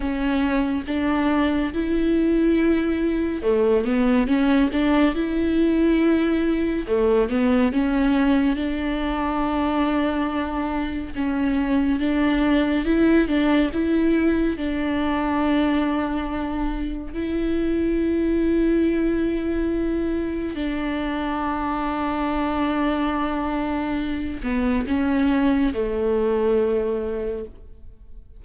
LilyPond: \new Staff \with { instrumentName = "viola" } { \time 4/4 \tempo 4 = 70 cis'4 d'4 e'2 | a8 b8 cis'8 d'8 e'2 | a8 b8 cis'4 d'2~ | d'4 cis'4 d'4 e'8 d'8 |
e'4 d'2. | e'1 | d'1~ | d'8 b8 cis'4 a2 | }